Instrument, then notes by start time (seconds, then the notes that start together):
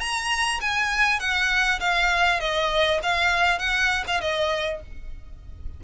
violin
0.00 A#5
0.61 G#5
1.19 F#5
1.80 F5
2.40 D#5
3.03 F5
3.59 F#5
4.07 F5
4.21 D#5